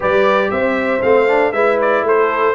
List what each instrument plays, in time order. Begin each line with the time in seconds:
0.00 tuba G3, trombone G4, horn B4, trumpet D5
0.50 tuba C4, horn C5, trumpet E5
1.01 tuba A3, trombone C4, trumpet F5
1.27 trombone D4
1.52 tuba G#3, trombone E4, horn B4, trumpet E5
1.81 trumpet D5
2.02 tuba A3, horn A4, trumpet C5